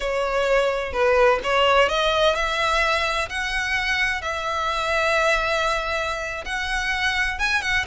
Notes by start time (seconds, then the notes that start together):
0.00 C#5
0.92 B4
1.43 C#5
1.88 D#5
2.35 E5
3.29 F#5
4.21 E5
6.45 F#5
7.38 G#5
7.61 F#5